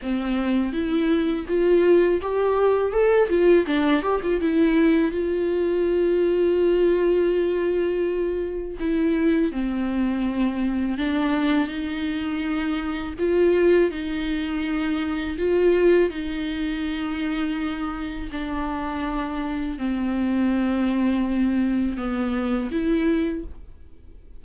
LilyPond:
\new Staff \with { instrumentName = "viola" } { \time 4/4 \tempo 4 = 82 c'4 e'4 f'4 g'4 | a'8 f'8 d'8 g'16 f'16 e'4 f'4~ | f'1 | e'4 c'2 d'4 |
dis'2 f'4 dis'4~ | dis'4 f'4 dis'2~ | dis'4 d'2 c'4~ | c'2 b4 e'4 | }